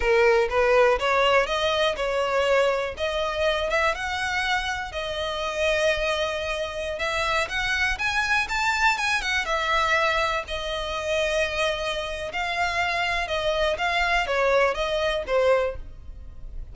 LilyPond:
\new Staff \with { instrumentName = "violin" } { \time 4/4 \tempo 4 = 122 ais'4 b'4 cis''4 dis''4 | cis''2 dis''4. e''8 | fis''2 dis''2~ | dis''2~ dis''16 e''4 fis''8.~ |
fis''16 gis''4 a''4 gis''8 fis''8 e''8.~ | e''4~ e''16 dis''2~ dis''8.~ | dis''4 f''2 dis''4 | f''4 cis''4 dis''4 c''4 | }